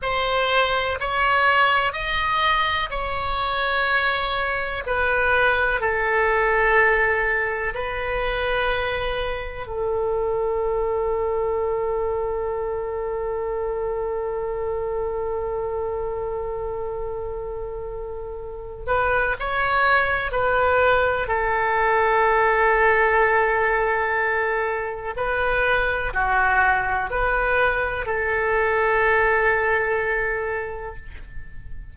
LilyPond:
\new Staff \with { instrumentName = "oboe" } { \time 4/4 \tempo 4 = 62 c''4 cis''4 dis''4 cis''4~ | cis''4 b'4 a'2 | b'2 a'2~ | a'1~ |
a'2.~ a'8 b'8 | cis''4 b'4 a'2~ | a'2 b'4 fis'4 | b'4 a'2. | }